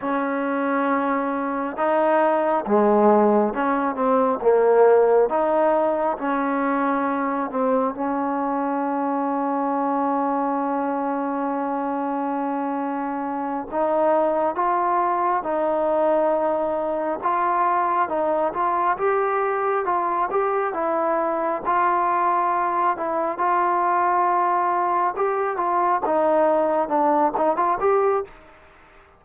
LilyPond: \new Staff \with { instrumentName = "trombone" } { \time 4/4 \tempo 4 = 68 cis'2 dis'4 gis4 | cis'8 c'8 ais4 dis'4 cis'4~ | cis'8 c'8 cis'2.~ | cis'2.~ cis'8 dis'8~ |
dis'8 f'4 dis'2 f'8~ | f'8 dis'8 f'8 g'4 f'8 g'8 e'8~ | e'8 f'4. e'8 f'4.~ | f'8 g'8 f'8 dis'4 d'8 dis'16 f'16 g'8 | }